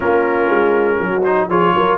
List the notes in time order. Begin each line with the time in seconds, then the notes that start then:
0.00 A#3 C#4 F4 A#4
0.49 G#3
0.99 F#3 F#4
1.23 D#4 C5
1.49 F3 F4 G#4 C#5
1.74 F#3 A#4